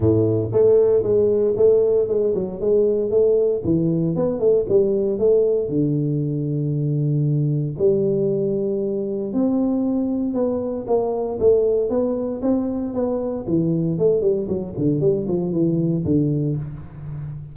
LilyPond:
\new Staff \with { instrumentName = "tuba" } { \time 4/4 \tempo 4 = 116 a,4 a4 gis4 a4 | gis8 fis8 gis4 a4 e4 | b8 a8 g4 a4 d4~ | d2. g4~ |
g2 c'2 | b4 ais4 a4 b4 | c'4 b4 e4 a8 g8 | fis8 d8 g8 f8 e4 d4 | }